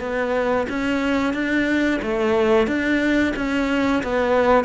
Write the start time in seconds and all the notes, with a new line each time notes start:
0.00 B3
0.69 C#4
1.33 D4
2.02 A3
2.67 D4
3.36 C#4
4.03 B3